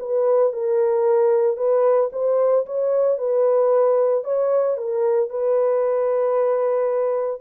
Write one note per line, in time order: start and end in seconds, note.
0.00 0.53 B4
0.53 1.57 A#4
1.57 2.10 B4
2.13 2.66 C5
2.66 3.19 C#5
3.19 4.25 B4
4.25 4.78 C#5
4.78 5.30 A#4
5.30 7.41 B4